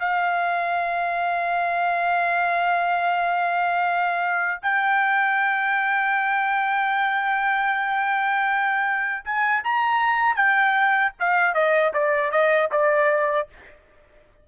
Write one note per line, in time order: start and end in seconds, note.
0.00 4.62 F5
4.63 9.24 G5
9.25 9.63 G#5
9.64 10.36 A#5
10.36 11.13 G5
11.20 11.55 F5
11.55 11.93 D#5
11.94 12.32 D5
12.32 12.70 D#5
12.72 13.49 D5